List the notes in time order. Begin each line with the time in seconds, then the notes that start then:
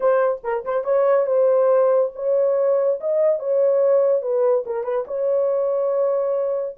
0.00 C5
0.43 A#4
0.65 C5
0.84 C#5
1.26 C5
2.15 C#5
3.00 D#5
3.39 C#5
4.22 B4
4.66 A#4
4.83 B4
5.07 C#5